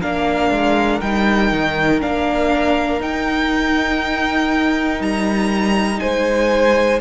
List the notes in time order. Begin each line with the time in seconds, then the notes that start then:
0.00 A#3 D4 A#4 F5
0.51 G#3
1.01 G3 D#4 G5
1.52 D#3
2.01 A#3 D4 F5
3.00 D#4 G5
5.00 G3 A#5
6.00 G#3 C5 G#5